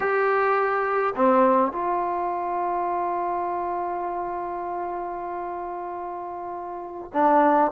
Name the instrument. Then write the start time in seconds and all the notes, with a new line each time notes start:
trombone
0.00 G4
1.15 C4
1.72 F4
7.13 D4